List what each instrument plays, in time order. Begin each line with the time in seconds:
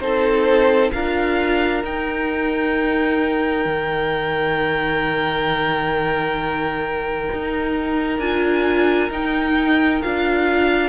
0.00 cello C4, viola D#4, violin A4 C5
0.92 cello D4, viola F4, violin A#4 F5
1.84 viola D#4, cello D#4, violin G5
3.65 cello D#3
7.33 cello D#4
8.19 cello D4, viola F4, violin G#5
9.10 cello D#4, viola D#4, violin G5
10.02 cello D4, viola F4, violin F5